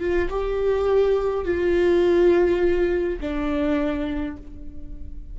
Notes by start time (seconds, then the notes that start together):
0.00 F4
0.30 G4
1.45 F4
3.21 D4